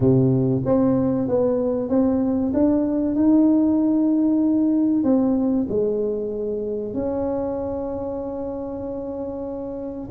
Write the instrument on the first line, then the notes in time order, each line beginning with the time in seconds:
tuba
0.00 C3
0.65 C4
1.27 B3
1.89 C4
2.53 D4
3.15 D#4
5.03 C4
5.68 G#3
6.93 C#4